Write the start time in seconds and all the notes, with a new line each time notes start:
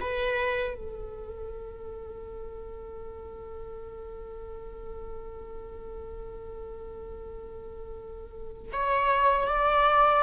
0.00 B4
0.74 A4
8.73 C#5
9.47 D5